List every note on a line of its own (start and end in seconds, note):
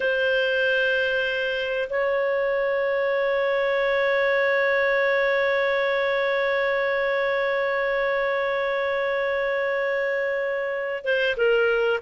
0.00 1.88 C5
1.89 11.04 C#5
11.04 11.36 C5
11.37 12.00 A#4